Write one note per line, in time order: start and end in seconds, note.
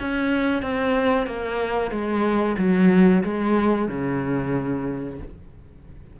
0.00 0.62 C#4
0.62 1.27 C4
1.27 1.91 A#3
1.91 2.56 G#3
2.58 3.23 F#3
3.23 3.88 G#3
3.88 5.19 C#3